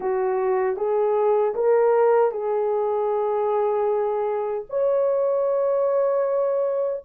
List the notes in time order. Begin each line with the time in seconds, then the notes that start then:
0.00 F#4
0.76 G#4
1.54 A#4
2.31 G#4
4.69 C#5